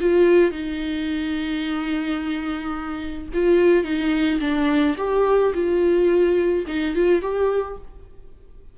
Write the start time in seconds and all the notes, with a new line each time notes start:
0.00 F4
0.51 D#4
3.33 F4
3.84 D#4
4.40 D4
4.97 G4
5.54 F4
6.67 D#4
6.95 F4
7.21 G4